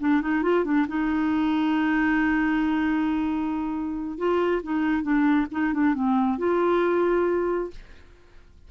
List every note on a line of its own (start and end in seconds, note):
0.00 0.21 D4
0.21 0.43 D#4
0.43 0.65 F4
0.65 0.87 D4
0.88 4.18 D#4
4.18 4.62 F4
4.63 5.03 D#4
5.03 5.47 D4
5.52 5.74 D#4
5.74 5.94 D4
5.94 6.38 C4
6.39 7.71 F4